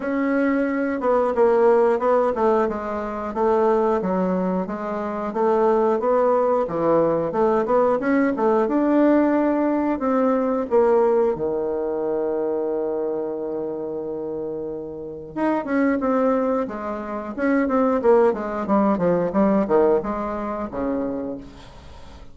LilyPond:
\new Staff \with { instrumentName = "bassoon" } { \time 4/4 \tempo 4 = 90 cis'4. b8 ais4 b8 a8 | gis4 a4 fis4 gis4 | a4 b4 e4 a8 b8 | cis'8 a8 d'2 c'4 |
ais4 dis2.~ | dis2. dis'8 cis'8 | c'4 gis4 cis'8 c'8 ais8 gis8 | g8 f8 g8 dis8 gis4 cis4 | }